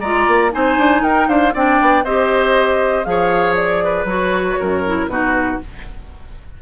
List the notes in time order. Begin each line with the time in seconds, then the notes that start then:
0.00 G#3 F4 D5 A#5
0.27 A#3
0.51 C4 D#4 C5 G#5
0.77 D4
1.01 D#4 A#4 G5
1.28 D4 C5 F5
1.53 C4 D4 D5 G5
1.81 B3
2.03 C4 G4 C5 D#5
3.04 F3 G#4 F5
3.10 C#5
3.55 D5
3.84 B4
4.04 F#3 F#4 C#5
4.59 F#2 A#4
4.85 E4
5.07 B2 D#4 F#4 B4